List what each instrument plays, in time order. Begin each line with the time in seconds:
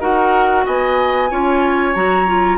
0.00 bassoon D#4, clarinet F#4, oboe A#4, flute F#5
0.66 bassoon B3, oboe D#5, flute G#5
1.31 bassoon C#4, clarinet F4, oboe C#5
1.95 bassoon F#3, clarinet F#4, flute A#5
2.27 clarinet F4